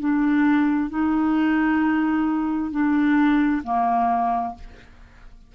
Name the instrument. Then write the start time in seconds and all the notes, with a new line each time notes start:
clarinet
0.00 D4
0.90 D#4
2.71 D4
3.64 A#3